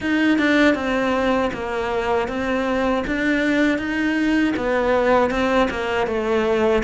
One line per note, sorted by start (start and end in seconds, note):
0.00 0.38 D#4
0.38 0.74 D4
0.74 1.50 C4
1.53 2.28 A#3
2.28 3.03 C4
3.07 3.78 D4
3.78 4.54 D#4
4.56 5.30 B3
5.30 5.68 C4
5.70 6.07 A#3
6.07 6.83 A3